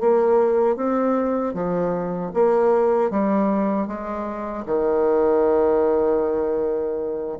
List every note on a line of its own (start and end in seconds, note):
0.00 0.76 A#3
0.76 1.54 C4
1.54 2.32 F3
2.34 3.11 A#3
3.11 3.87 G3
3.87 4.65 G#3
4.66 7.38 D#3